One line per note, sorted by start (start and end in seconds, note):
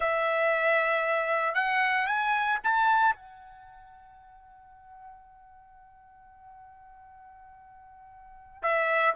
0.00 1.54 E5
1.54 2.06 F#5
2.06 2.58 G#5
2.63 3.15 A5
3.15 8.62 F#5
8.62 9.14 E5